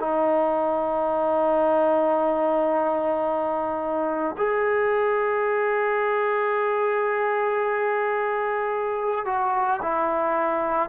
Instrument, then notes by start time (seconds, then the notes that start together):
trombone
0.00 D#4
4.38 G#4
9.26 F#4
9.82 E4